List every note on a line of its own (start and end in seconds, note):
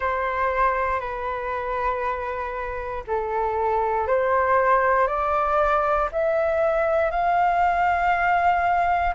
0.00 1.00 C5
1.00 3.03 B4
3.07 4.07 A4
4.07 5.07 C5
5.07 6.09 D5
6.12 7.10 E5
7.10 9.14 F5